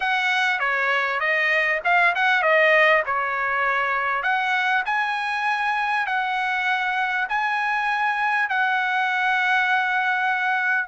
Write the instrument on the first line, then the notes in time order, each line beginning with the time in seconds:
trumpet
0.00 F#5
0.59 C#5
1.20 D#5
1.84 F5
2.15 F#5
2.42 D#5
3.06 C#5
4.22 F#5
4.85 G#5
6.06 F#5
7.28 G#5
8.49 F#5